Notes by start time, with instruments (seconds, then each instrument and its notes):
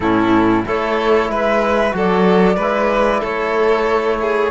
0.00 cello A2, trombone C#4, violin E4, flute A4
0.65 cello A3, trombone E4, violin A4, flute C#5
1.28 cello G#3, violin B4, flute E5
1.91 cello F#3, trombone F#4, violin A4, flute D5
2.56 cello G#3, violin B4
2.62 trombone E4
3.20 cello A3, violin A4, flute C#5
4.20 violin G#4